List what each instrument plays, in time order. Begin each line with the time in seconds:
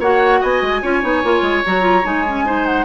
0.00 bassoon A#3, clarinet F#4, oboe C#5, flute F#5
0.41 bassoon B3, oboe D#5, flute G#5
0.62 bassoon G#3
0.82 bassoon C#4, clarinet F4, oboe C#5
1.02 bassoon B3, clarinet D#4
1.24 bassoon A#3, clarinet F4
1.42 bassoon G#3
1.66 bassoon F#3, clarinet F#4, flute A#5
1.81 clarinet F4
2.04 bassoon G#3, clarinet D#4, flute G#5
2.28 clarinet C#4
2.45 clarinet D#4, oboe C5
2.66 flute F#5